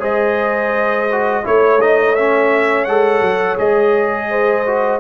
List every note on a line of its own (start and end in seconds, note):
0.00 1.43 G#3
0.00 1.07 G#4
0.00 1.44 C5
0.00 1.46 D#5
1.12 1.44 F#4
1.44 2.87 A3
1.44 1.79 E4
1.44 4.29 C#5
1.44 1.81 C#5
1.81 2.17 D#4
1.81 2.15 D#5
2.15 2.88 C#4
2.15 2.85 E5
2.85 3.21 G#3
2.85 3.58 A4
2.85 3.56 F#5
3.21 3.57 F#3
3.58 5.00 G#3
3.58 4.65 G#4
3.58 5.00 D#5
4.29 5.00 C5
4.66 5.00 F#4